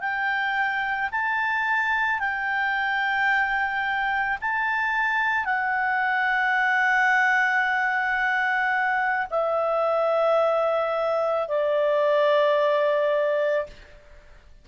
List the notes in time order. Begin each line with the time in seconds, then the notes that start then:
0.00 G5
1.12 A5
2.19 G5
4.41 A5
5.45 F#5
9.30 E5
11.48 D5